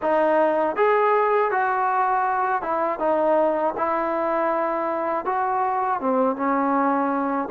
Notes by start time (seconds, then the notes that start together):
0.01 D#4
0.76 G#4
1.51 F#4
2.61 E4
2.99 D#4
3.77 E4
5.25 F#4
6.00 C4
6.36 C#4